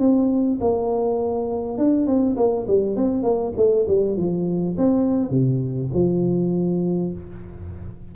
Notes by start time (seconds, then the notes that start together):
0.00 C4
0.61 A#3
1.78 D4
2.07 C4
2.37 A#3
2.68 G3
2.97 C4
3.23 A#3
3.57 A3
3.88 G3
4.17 F3
4.78 C4
5.30 C3
5.94 F3